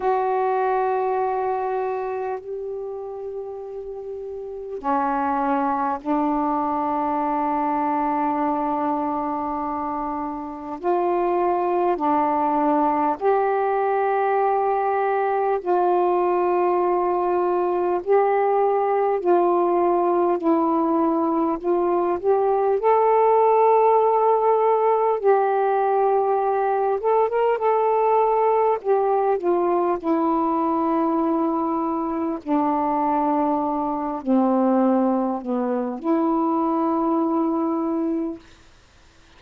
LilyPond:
\new Staff \with { instrumentName = "saxophone" } { \time 4/4 \tempo 4 = 50 fis'2 g'2 | cis'4 d'2.~ | d'4 f'4 d'4 g'4~ | g'4 f'2 g'4 |
f'4 e'4 f'8 g'8 a'4~ | a'4 g'4. a'16 ais'16 a'4 | g'8 f'8 e'2 d'4~ | d'8 c'4 b8 e'2 | }